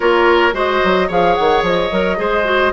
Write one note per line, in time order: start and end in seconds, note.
0.00 0.53 A#3
0.00 0.52 F4
0.00 0.54 A#4
0.00 0.54 C#5
0.52 0.80 G#3
0.52 1.07 F#4
0.52 1.08 C5
0.52 1.10 D#5
0.84 1.10 F#3
1.08 1.37 F3
1.08 1.90 G#4
1.08 2.17 C#5
1.08 1.35 F5
1.35 1.62 D#3
1.35 1.62 F#5
1.62 1.89 F3
1.62 2.72 D#5
1.91 2.18 F#3
1.91 2.17 A#4
2.17 2.72 G#3
2.17 2.44 G#4
2.17 2.72 C5
2.44 2.71 F#4